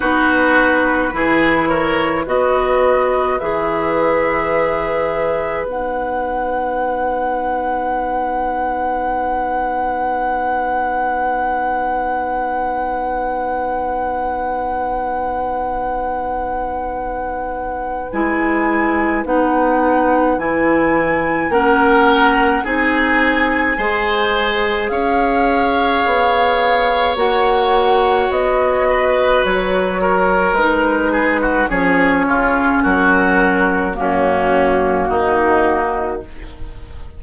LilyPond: <<
  \new Staff \with { instrumentName = "flute" } { \time 4/4 \tempo 4 = 53 b'4. cis''8 dis''4 e''4~ | e''4 fis''2.~ | fis''1~ | fis''1 |
gis''4 fis''4 gis''4 fis''4 | gis''2 f''2 | fis''4 dis''4 cis''4 b'4 | cis''4 ais'4 fis'2 | }
  \new Staff \with { instrumentName = "oboe" } { \time 4/4 fis'4 gis'8 ais'8 b'2~ | b'1~ | b'1~ | b'1~ |
b'2. ais'4 | gis'4 c''4 cis''2~ | cis''4. b'4 ais'4 gis'16 fis'16 | gis'8 f'8 fis'4 cis'4 dis'4 | }
  \new Staff \with { instrumentName = "clarinet" } { \time 4/4 dis'4 e'4 fis'4 gis'4~ | gis'4 dis'2.~ | dis'1~ | dis'1 |
e'4 dis'4 e'4 cis'4 | dis'4 gis'2. | fis'2. dis'4 | cis'2 ais2 | }
  \new Staff \with { instrumentName = "bassoon" } { \time 4/4 b4 e4 b4 e4~ | e4 b2.~ | b1~ | b1 |
gis4 b4 e4 ais4 | c'4 gis4 cis'4 b4 | ais4 b4 fis4 gis4 | f8 cis8 fis4 fis,4 dis4 | }
>>